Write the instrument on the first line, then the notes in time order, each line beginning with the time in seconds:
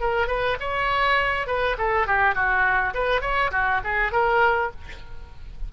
oboe
0.00 A#4
0.27 B4
0.60 C#5
1.47 B4
1.78 A4
2.07 G4
2.34 F#4
2.94 B4
3.21 C#5
3.51 F#4
3.84 G#4
4.12 A#4